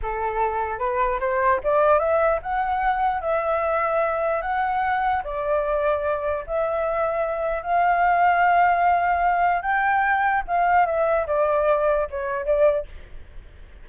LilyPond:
\new Staff \with { instrumentName = "flute" } { \time 4/4 \tempo 4 = 149 a'2 b'4 c''4 | d''4 e''4 fis''2 | e''2. fis''4~ | fis''4 d''2. |
e''2. f''4~ | f''1 | g''2 f''4 e''4 | d''2 cis''4 d''4 | }